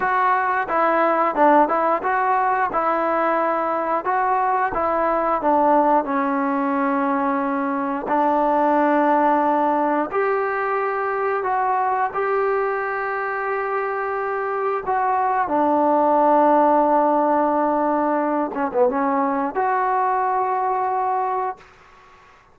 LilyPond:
\new Staff \with { instrumentName = "trombone" } { \time 4/4 \tempo 4 = 89 fis'4 e'4 d'8 e'8 fis'4 | e'2 fis'4 e'4 | d'4 cis'2. | d'2. g'4~ |
g'4 fis'4 g'2~ | g'2 fis'4 d'4~ | d'2.~ d'8 cis'16 b16 | cis'4 fis'2. | }